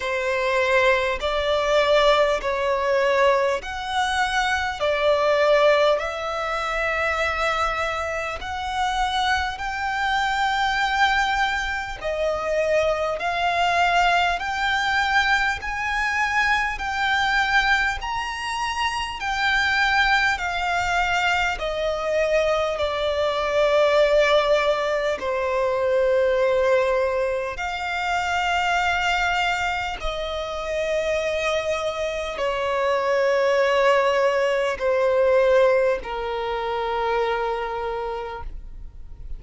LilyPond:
\new Staff \with { instrumentName = "violin" } { \time 4/4 \tempo 4 = 50 c''4 d''4 cis''4 fis''4 | d''4 e''2 fis''4 | g''2 dis''4 f''4 | g''4 gis''4 g''4 ais''4 |
g''4 f''4 dis''4 d''4~ | d''4 c''2 f''4~ | f''4 dis''2 cis''4~ | cis''4 c''4 ais'2 | }